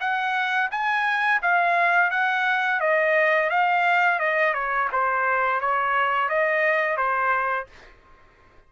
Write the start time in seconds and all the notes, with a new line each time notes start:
0.00 F#5
0.71 G#5
1.42 F5
2.11 F#5
2.80 D#5
3.49 F5
4.19 D#5
4.53 C#5
4.92 C5
5.60 C#5
6.29 D#5
6.97 C5